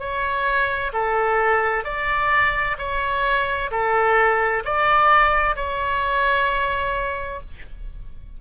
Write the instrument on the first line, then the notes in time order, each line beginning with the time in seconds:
oboe
0.00 C#5
0.94 A4
1.85 D5
2.79 C#5
3.72 A4
4.65 D5
5.56 C#5